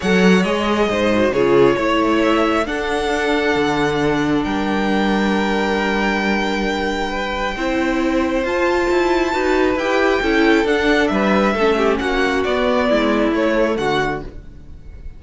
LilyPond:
<<
  \new Staff \with { instrumentName = "violin" } { \time 4/4 \tempo 4 = 135 fis''4 dis''2 cis''4~ | cis''4 e''4 fis''2~ | fis''2 g''2~ | g''1~ |
g''2. a''4~ | a''2 g''2 | fis''4 e''2 fis''4 | d''2 cis''4 fis''4 | }
  \new Staff \with { instrumentName = "violin" } { \time 4/4 cis''2 c''4 gis'4 | cis''2 a'2~ | a'2 ais'2~ | ais'1 |
b'4 c''2.~ | c''4 b'2 a'4~ | a'4 b'4 a'8 g'8 fis'4~ | fis'4 e'2 fis'4 | }
  \new Staff \with { instrumentName = "viola" } { \time 4/4 a'4 gis'4. fis'8 f'4 | e'2 d'2~ | d'1~ | d'1~ |
d'4 e'2 f'4~ | f'4 fis'4 g'4 e'4 | d'2 cis'2 | b2 a2 | }
  \new Staff \with { instrumentName = "cello" } { \time 4/4 fis4 gis4 gis,4 cis4 | a2 d'2 | d2 g2~ | g1~ |
g4 c'2 f'4 | e'4 dis'4 e'4 cis'4 | d'4 g4 a4 ais4 | b4 gis4 a4 d4 | }
>>